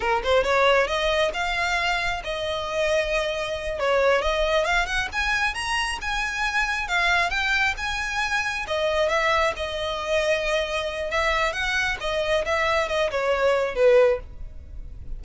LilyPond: \new Staff \with { instrumentName = "violin" } { \time 4/4 \tempo 4 = 135 ais'8 c''8 cis''4 dis''4 f''4~ | f''4 dis''2.~ | dis''8 cis''4 dis''4 f''8 fis''8 gis''8~ | gis''8 ais''4 gis''2 f''8~ |
f''8 g''4 gis''2 dis''8~ | dis''8 e''4 dis''2~ dis''8~ | dis''4 e''4 fis''4 dis''4 | e''4 dis''8 cis''4. b'4 | }